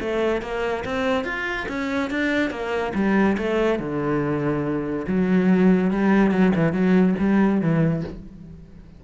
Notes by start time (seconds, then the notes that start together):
0.00 A3
0.42 A#3
0.85 C4
1.24 F4
1.68 C#4
2.10 D4
2.50 A#3
2.94 G3
3.38 A3
3.79 D3
5.07 F#3
5.91 G3
6.31 F#3
6.55 E3
6.72 F#3
7.19 G3
7.61 E3